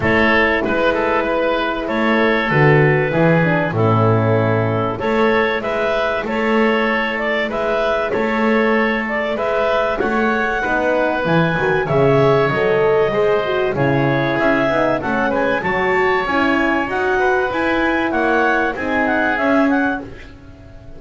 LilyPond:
<<
  \new Staff \with { instrumentName = "clarinet" } { \time 4/4 \tempo 4 = 96 cis''4 b'2 cis''4 | b'2 a'2 | cis''4 e''4 cis''4. d''8 | e''4 cis''4. d''8 e''4 |
fis''2 gis''4 e''4 | dis''2 cis''4 e''4 | fis''8 gis''8 a''4 gis''4 fis''4 | gis''4 fis''4 gis''8 fis''8 e''8 fis''8 | }
  \new Staff \with { instrumentName = "oboe" } { \time 4/4 a'4 b'8 a'8 b'4 a'4~ | a'4 gis'4 e'2 | a'4 b'4 a'2 | b'4 a'2 b'4 |
cis''4 b'2 cis''4~ | cis''4 c''4 gis'2 | a'8 b'8 cis''2~ cis''8 b'8~ | b'4 cis''4 gis'2 | }
  \new Staff \with { instrumentName = "horn" } { \time 4/4 e'1 | fis'4 e'8 d'8 cis'2 | e'1~ | e'1~ |
e'4 dis'4 e'8 fis'8 gis'4 | a'4 gis'8 fis'8 e'4. dis'8 | cis'4 fis'4 e'4 fis'4 | e'2 dis'4 cis'4 | }
  \new Staff \with { instrumentName = "double bass" } { \time 4/4 a4 gis2 a4 | d4 e4 a,2 | a4 gis4 a2 | gis4 a2 gis4 |
a4 b4 e8 dis8 cis4 | fis4 gis4 cis4 cis'8 b8 | a8 gis8 fis4 cis'4 dis'4 | e'4 ais4 c'4 cis'4 | }
>>